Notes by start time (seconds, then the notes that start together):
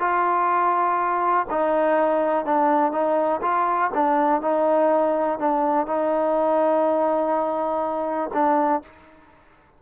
0.00 F4
1.51 D#4
2.46 D4
2.92 D#4
3.42 F4
3.94 D4
4.41 D#4
5.39 D4
5.87 D#4
8.33 D4